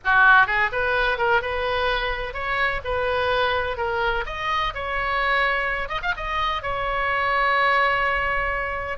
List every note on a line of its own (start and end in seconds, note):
0.04 0.46 F#4
0.46 0.70 G#4
0.72 1.18 B4
1.18 1.41 A#4
1.41 2.33 B4
2.33 2.80 C#5
2.84 3.77 B4
3.77 4.24 A#4
4.26 4.73 D#5
4.74 5.88 C#5
5.88 6.00 D#5
6.02 6.14 F5
6.16 6.62 D#5
6.62 8.98 C#5